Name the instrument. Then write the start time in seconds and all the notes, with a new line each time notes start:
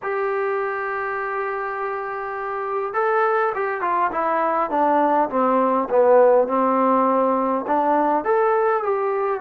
trombone
0.02 G4
2.93 A4
3.55 G4
3.81 F4
4.11 E4
4.70 D4
5.29 C4
5.89 B3
6.47 C4
7.67 D4
8.24 A4
8.83 G4